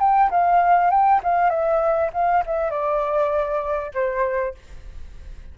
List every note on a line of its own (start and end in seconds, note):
0.00 0.30 G5
0.31 0.91 F5
0.91 1.21 G5
1.24 1.50 F5
1.50 2.11 E5
2.14 2.44 F5
2.46 2.71 E5
2.71 3.92 D5
3.94 4.55 C5